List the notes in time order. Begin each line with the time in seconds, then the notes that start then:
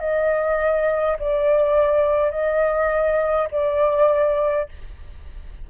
0.00 D#5
1.20 D5
2.32 D#5
3.52 D5